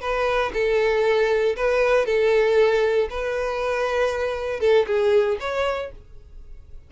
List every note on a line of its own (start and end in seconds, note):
0.00 0.51 B4
0.53 1.55 A4
1.55 2.05 B4
2.05 3.08 A4
3.10 4.60 B4
4.60 4.85 A4
4.86 5.37 G#4
5.40 5.91 C#5